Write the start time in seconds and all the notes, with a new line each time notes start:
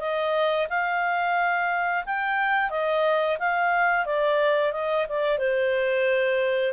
0.00 D#5
0.70 F5
2.06 G5
2.70 D#5
3.39 F5
4.06 D5
4.73 D#5
5.09 D5
5.38 C5